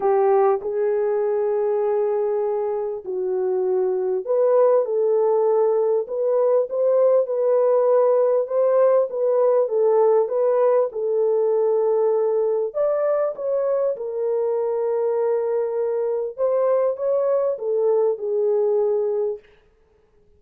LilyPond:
\new Staff \with { instrumentName = "horn" } { \time 4/4 \tempo 4 = 99 g'4 gis'2.~ | gis'4 fis'2 b'4 | a'2 b'4 c''4 | b'2 c''4 b'4 |
a'4 b'4 a'2~ | a'4 d''4 cis''4 ais'4~ | ais'2. c''4 | cis''4 a'4 gis'2 | }